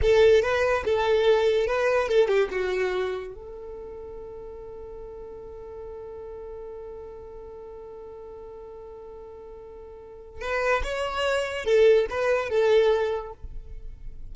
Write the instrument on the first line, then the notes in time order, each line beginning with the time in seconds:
violin
0.02 A4
0.42 B4
0.84 A4
1.66 B4
2.08 A4
2.28 G4
2.51 F#4
3.34 A4
10.41 B4
10.83 C#5
11.64 A4
12.09 B4
12.49 A4